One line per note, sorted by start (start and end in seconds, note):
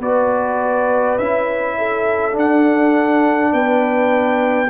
0.00 1.18 B3
0.00 1.20 F#4
0.00 1.76 B4
0.00 1.19 D5
1.19 2.36 C#4
1.19 2.32 E4
1.19 2.37 E5
1.78 3.53 A4
2.32 4.68 D4
2.32 3.53 D4
2.39 3.53 F#5
3.53 4.71 B3
3.53 4.70 B4
3.53 4.71 G5